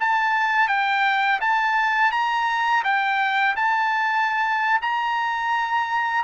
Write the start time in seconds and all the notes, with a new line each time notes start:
0.00 A5
0.68 G5
1.41 A5
2.11 A#5
2.84 G5
3.56 A5
4.81 A#5